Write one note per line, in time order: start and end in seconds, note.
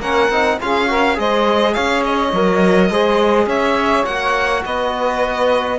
0.00 0.29 A#3
0.00 0.32 C#4
0.00 0.59 A#4
0.00 0.59 F#5
0.29 0.58 C4
0.29 0.61 D#4
0.61 1.18 C#4
0.61 0.87 F4
0.61 0.89 G#4
0.61 1.19 F5
0.87 1.15 F#4
0.87 1.18 A#4
1.15 1.76 G#3
1.15 2.31 G#4
1.15 1.74 C5
1.15 1.74 D#5
1.74 2.33 C#4
1.74 2.90 C#5
1.74 2.03 F5
2.04 3.48 D#5
2.33 2.91 F#3
2.33 2.92 A#4
2.91 3.47 G#3
2.91 4.07 G#4
2.91 3.47 C5
3.47 4.04 C#4
3.47 4.62 C#5
3.47 4.05 E5
4.05 4.64 A#3
4.05 5.79 F#4
4.05 4.63 F#5
4.65 5.79 B3
4.65 5.79 B4
4.65 5.79 D#5